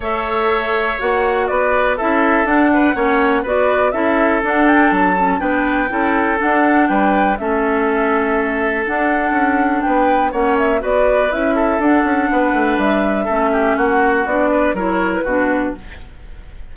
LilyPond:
<<
  \new Staff \with { instrumentName = "flute" } { \time 4/4 \tempo 4 = 122 e''2 fis''4 d''4 | e''4 fis''2 d''4 | e''4 fis''8 g''8 a''4 g''4~ | g''4 fis''4 g''4 e''4~ |
e''2 fis''2 | g''4 fis''8 e''8 d''4 e''4 | fis''2 e''2 | fis''4 d''4 cis''8. b'4~ b'16 | }
  \new Staff \with { instrumentName = "oboe" } { \time 4/4 cis''2. b'4 | a'4. b'8 cis''4 b'4 | a'2. b'4 | a'2 b'4 a'4~ |
a'1 | b'4 cis''4 b'4. a'8~ | a'4 b'2 a'8 g'8 | fis'4. b'8 ais'4 fis'4 | }
  \new Staff \with { instrumentName = "clarinet" } { \time 4/4 a'2 fis'2 | e'4 d'4 cis'4 fis'4 | e'4 d'4. cis'8 d'4 | e'4 d'2 cis'4~ |
cis'2 d'2~ | d'4 cis'4 fis'4 e'4 | d'2. cis'4~ | cis'4 d'4 e'4 d'4 | }
  \new Staff \with { instrumentName = "bassoon" } { \time 4/4 a2 ais4 b4 | cis'4 d'4 ais4 b4 | cis'4 d'4 fis4 b4 | cis'4 d'4 g4 a4~ |
a2 d'4 cis'4 | b4 ais4 b4 cis'4 | d'8 cis'8 b8 a8 g4 a4 | ais4 b4 fis4 b,4 | }
>>